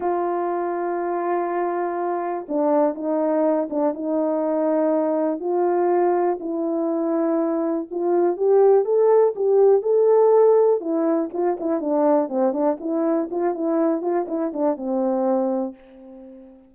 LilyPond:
\new Staff \with { instrumentName = "horn" } { \time 4/4 \tempo 4 = 122 f'1~ | f'4 d'4 dis'4. d'8 | dis'2. f'4~ | f'4 e'2. |
f'4 g'4 a'4 g'4 | a'2 e'4 f'8 e'8 | d'4 c'8 d'8 e'4 f'8 e'8~ | e'8 f'8 e'8 d'8 c'2 | }